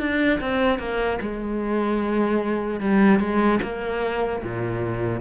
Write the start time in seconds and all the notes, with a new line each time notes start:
0.00 D4
0.41 C4
0.79 A#3
1.21 G#3
2.80 G3
3.20 G#3
3.63 A#3
4.43 A#2